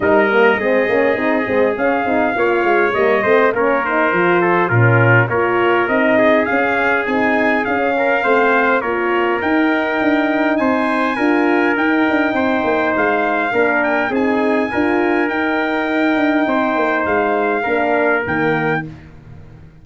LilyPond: <<
  \new Staff \with { instrumentName = "trumpet" } { \time 4/4 \tempo 4 = 102 dis''2. f''4~ | f''4 dis''4 cis''8 c''4. | ais'4 cis''4 dis''4 f''4 | gis''4 f''2 cis''4 |
g''2 gis''2 | g''2 f''4. g''8 | gis''2 g''2~ | g''4 f''2 g''4 | }
  \new Staff \with { instrumentName = "trumpet" } { \time 4/4 ais'4 gis'2. | cis''4. c''8 ais'4. a'8 | f'4 ais'4. gis'4.~ | gis'4. ais'8 c''4 ais'4~ |
ais'2 c''4 ais'4~ | ais'4 c''2 ais'4 | gis'4 ais'2. | c''2 ais'2 | }
  \new Staff \with { instrumentName = "horn" } { \time 4/4 dis'8 ais8 c'8 cis'8 dis'8 c'8 cis'8 dis'8 | f'4 ais8 c'8 cis'8 dis'8 f'4 | cis'4 f'4 dis'4 cis'4 | dis'4 cis'4 c'4 f'4 |
dis'2. f'4 | dis'2. d'4 | dis'4 f'4 dis'2~ | dis'2 d'4 ais4 | }
  \new Staff \with { instrumentName = "tuba" } { \time 4/4 g4 gis8 ais8 c'8 gis8 cis'8 c'8 | ais8 gis8 g8 a8 ais4 f4 | ais,4 ais4 c'4 cis'4 | c'4 cis'4 a4 ais4 |
dis'4 d'4 c'4 d'4 | dis'8 d'8 c'8 ais8 gis4 ais4 | c'4 d'4 dis'4. d'8 | c'8 ais8 gis4 ais4 dis4 | }
>>